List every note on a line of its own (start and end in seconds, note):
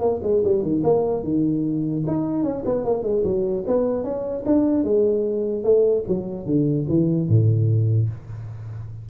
0.00 0.20 A#3
0.22 0.42 G#3
0.44 0.62 G3
0.62 0.82 D#3
0.83 1.23 A#3
1.23 2.04 D#3
2.07 2.43 D#4
2.43 2.63 C#4
2.65 2.84 B3
2.84 3.03 A#3
3.03 3.23 G#3
3.24 3.64 F#3
3.67 4.03 B3
4.03 4.44 C#4
4.46 4.84 D4
4.84 5.64 G#3
5.64 6.04 A3
6.08 6.46 F#3
6.46 6.86 D3
6.88 7.28 E3
7.28 8.09 A2